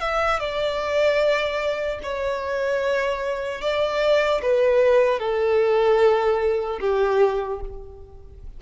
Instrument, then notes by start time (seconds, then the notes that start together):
violin
0.00 E5
0.39 D5
2.02 C#5
3.61 D5
4.41 B4
5.19 A4
6.80 G4